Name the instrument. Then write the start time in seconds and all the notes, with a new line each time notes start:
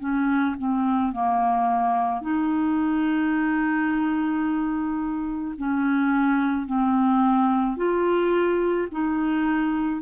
clarinet
0.00 C#4
0.59 C4
1.12 A#3
2.21 D#4
5.58 C#4
6.66 C4
7.77 F4
8.91 D#4